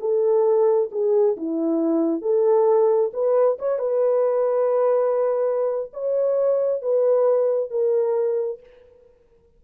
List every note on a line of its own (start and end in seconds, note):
0.00 0.90 A4
0.92 1.37 G#4
1.37 2.22 E4
2.22 3.11 A4
3.13 3.58 B4
3.59 3.79 C#5
3.79 5.91 B4
5.93 6.82 C#5
6.82 7.71 B4
7.71 8.60 A#4